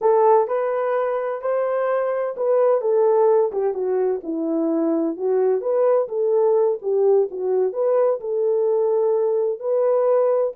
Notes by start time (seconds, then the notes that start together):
0.01 A4
0.47 B4
1.41 C5
2.37 B4
2.81 A4
3.52 G4
3.74 F#4
4.23 E4
5.16 F#4
5.61 B4
6.08 A4
6.81 G4
7.30 F#4
7.73 B4
8.20 A4
9.59 B4